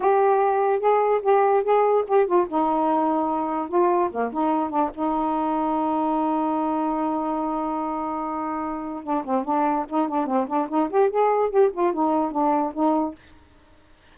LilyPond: \new Staff \with { instrumentName = "saxophone" } { \time 4/4 \tempo 4 = 146 g'2 gis'4 g'4 | gis'4 g'8 f'8 dis'2~ | dis'4 f'4 ais8 dis'4 d'8 | dis'1~ |
dis'1~ | dis'2 d'8 c'8 d'4 | dis'8 d'8 c'8 d'8 dis'8 g'8 gis'4 | g'8 f'8 dis'4 d'4 dis'4 | }